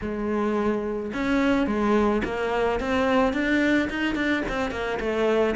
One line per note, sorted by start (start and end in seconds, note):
0.01 1.12 G#3
1.13 1.66 C#4
1.66 2.22 G#3
2.24 2.80 A#3
2.80 3.33 C4
3.33 3.88 D4
3.89 4.15 D#4
4.15 4.42 D4
4.48 4.70 C4
4.70 4.98 A#3
4.99 5.55 A3